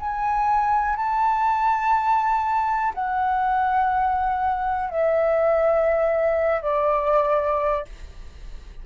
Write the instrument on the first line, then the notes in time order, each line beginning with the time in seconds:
flute
0.00 G#5
0.97 A5
2.94 F#5
4.90 E5
6.62 D5